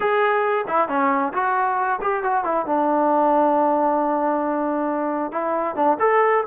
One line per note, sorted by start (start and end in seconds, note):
0.00 0.65 G#4
0.67 0.88 E4
0.88 1.33 C#4
1.33 1.99 F#4
2.01 2.23 G4
2.23 2.44 F#4
2.44 2.65 E4
2.65 5.32 D4
5.32 5.75 E4
5.75 5.97 D4
5.99 6.44 A4